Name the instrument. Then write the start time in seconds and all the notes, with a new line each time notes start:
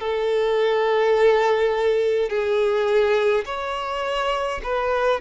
violin
0.00 A4
2.30 G#4
3.46 C#5
4.64 B4